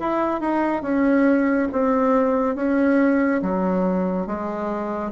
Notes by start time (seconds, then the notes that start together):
0.00 E4
0.41 D#4
0.83 C#4
1.73 C4
2.56 C#4
3.42 F#3
4.27 G#3